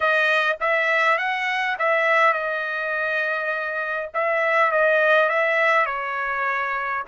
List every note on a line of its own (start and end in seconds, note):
0.00 0.56 D#5
0.60 1.18 E5
1.18 1.76 F#5
1.79 2.33 E5
2.33 4.09 D#5
4.14 4.71 E5
4.71 5.29 D#5
5.29 5.86 E5
5.86 7.03 C#5